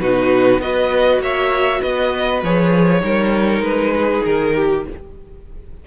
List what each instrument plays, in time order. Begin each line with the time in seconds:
0.00 cello B2, viola D#4, violin F#4 B4
0.57 cello B3, viola F#4, violin B4 D#5
1.19 cello A#3, violin C#5 E5
1.80 cello B3, violin B4 D#5
2.42 cello F3, viola G#4, violin C#5
3.00 cello G3, viola D#4, violin A#4
3.60 cello G#3, violin B4
3.95 violin G#4
4.24 cello D#3, violin A#4
4.55 violin G4